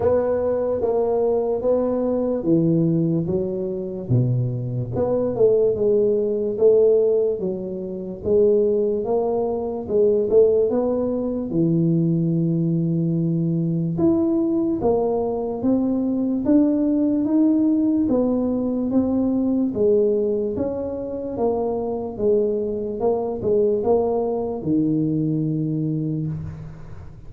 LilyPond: \new Staff \with { instrumentName = "tuba" } { \time 4/4 \tempo 4 = 73 b4 ais4 b4 e4 | fis4 b,4 b8 a8 gis4 | a4 fis4 gis4 ais4 | gis8 a8 b4 e2~ |
e4 e'4 ais4 c'4 | d'4 dis'4 b4 c'4 | gis4 cis'4 ais4 gis4 | ais8 gis8 ais4 dis2 | }